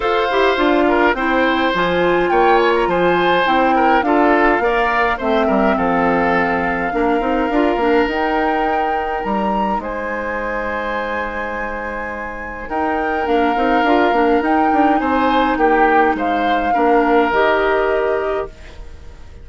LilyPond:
<<
  \new Staff \with { instrumentName = "flute" } { \time 4/4 \tempo 4 = 104 f''2 g''4 gis''4 | g''8 gis''16 ais''16 gis''4 g''4 f''4~ | f''4 e''4 f''2~ | f''2 g''2 |
ais''4 gis''2.~ | gis''2 g''4 f''4~ | f''4 g''4 gis''4 g''4 | f''2 dis''2 | }
  \new Staff \with { instrumentName = "oboe" } { \time 4/4 c''4. ais'8 c''2 | cis''4 c''4. ais'8 a'4 | d''4 c''8 ais'8 a'2 | ais'1~ |
ais'4 c''2.~ | c''2 ais'2~ | ais'2 c''4 g'4 | c''4 ais'2. | }
  \new Staff \with { instrumentName = "clarinet" } { \time 4/4 a'8 g'8 f'4 e'4 f'4~ | f'2 e'4 f'4 | ais'4 c'2. | d'8 dis'8 f'8 d'8 dis'2~ |
dis'1~ | dis'2. d'8 dis'8 | f'8 d'8 dis'2.~ | dis'4 d'4 g'2 | }
  \new Staff \with { instrumentName = "bassoon" } { \time 4/4 f'8 e'8 d'4 c'4 f4 | ais4 f4 c'4 d'4 | ais4 a8 g8 f2 | ais8 c'8 d'8 ais8 dis'2 |
g4 gis2.~ | gis2 dis'4 ais8 c'8 | d'8 ais8 dis'8 d'8 c'4 ais4 | gis4 ais4 dis2 | }
>>